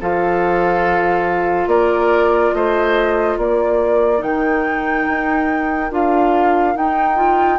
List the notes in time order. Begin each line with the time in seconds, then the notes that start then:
0.00 F3 F4 A4 F5
1.66 A#3 A#4 D5
2.53 A3 C5 D#5
3.37 A#3 A#4 D5
4.18 D#3 D#4 G5
5.07 D#4
5.90 D4 F4 F5
6.74 D#4 G5
7.15 F4